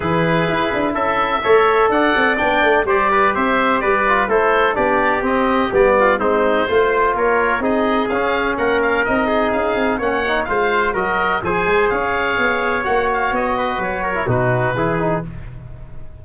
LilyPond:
<<
  \new Staff \with { instrumentName = "oboe" } { \time 4/4 \tempo 4 = 126 b'2 e''2 | fis''4 g''4 d''4 e''4 | d''4 c''4 d''4 dis''4 | d''4 c''2 cis''4 |
dis''4 f''4 fis''8 f''8 dis''4 | f''4 fis''4 f''4 dis''4 | gis''4 f''2 fis''8 f''8 | dis''4 cis''4 b'2 | }
  \new Staff \with { instrumentName = "trumpet" } { \time 4/4 gis'2 a'4 cis''4 | d''2 c''8 b'8 c''4 | b'4 a'4 g'2~ | g'8 f'8 dis'4 c''4 ais'4 |
gis'2 ais'4. gis'8~ | gis'4 cis''4 c''4 ais'4 | c''4 cis''2.~ | cis''8 b'4 ais'8 fis'4 gis'4 | }
  \new Staff \with { instrumentName = "trombone" } { \time 4/4 e'2. a'4~ | a'4 d'4 g'2~ | g'8 f'8 e'4 d'4 c'4 | b4 c'4 f'2 |
dis'4 cis'2 dis'4~ | dis'4 cis'8 dis'8 f'4 fis'4 | gis'2. fis'4~ | fis'4.~ fis'16 e'16 dis'4 e'8 dis'8 | }
  \new Staff \with { instrumentName = "tuba" } { \time 4/4 e4 e'8 d'8 cis'4 a4 | d'8 c'8 b8 a8 g4 c'4 | g4 a4 b4 c'4 | g4 gis4 a4 ais4 |
c'4 cis'4 ais4 c'4 | cis'8 c'8 ais4 gis4 fis4 | f8 gis8 cis'4 b4 ais4 | b4 fis4 b,4 e4 | }
>>